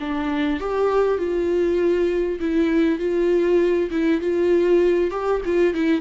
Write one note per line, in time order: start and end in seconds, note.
0.00 0.60 D4
0.60 1.18 G4
1.18 2.39 F4
2.40 2.99 E4
2.99 3.90 F4
3.91 4.21 E4
4.21 5.11 F4
5.11 5.41 G4
5.45 5.74 F4
5.74 6.01 E4